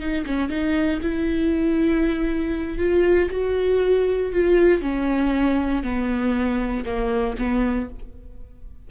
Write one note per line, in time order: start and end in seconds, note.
0.00 0.25 D#4
0.26 0.49 C#4
0.49 1.00 D#4
1.03 2.79 E4
2.79 3.29 F4
3.31 4.33 F#4
4.33 4.82 F4
4.82 5.84 C#4
5.84 6.85 B3
6.86 7.36 A#3
7.39 7.90 B3